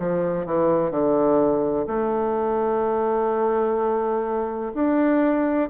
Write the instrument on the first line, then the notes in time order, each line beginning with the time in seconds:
bassoon
0.00 F3
0.46 E3
0.91 D3
1.87 A3
4.74 D4